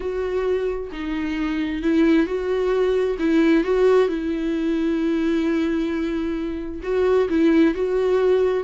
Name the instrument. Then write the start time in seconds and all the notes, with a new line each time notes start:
viola
0.00 F#4
0.92 D#4
1.82 E4
2.26 F#4
3.18 E4
3.64 F#4
4.08 E4
6.82 F#4
7.29 E4
7.74 F#4